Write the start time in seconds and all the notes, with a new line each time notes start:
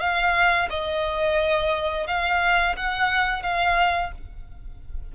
0.00 F5
0.70 D#5
2.07 F5
2.76 F#5
3.43 F5